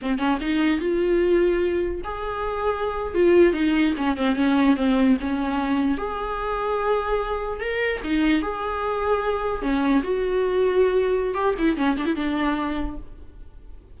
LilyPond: \new Staff \with { instrumentName = "viola" } { \time 4/4 \tempo 4 = 148 c'8 cis'8 dis'4 f'2~ | f'4 gis'2~ gis'8. f'16~ | f'8. dis'4 cis'8 c'8 cis'4 c'16~ | c'8. cis'2 gis'4~ gis'16~ |
gis'2~ gis'8. ais'4 dis'16~ | dis'8. gis'2. cis'16~ | cis'8. fis'2.~ fis'16 | g'8 e'8 cis'8 d'16 e'16 d'2 | }